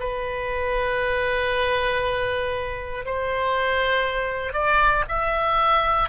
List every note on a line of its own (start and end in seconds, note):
0.00 3.05 B4
3.06 4.53 C5
4.53 5.04 D5
5.08 6.09 E5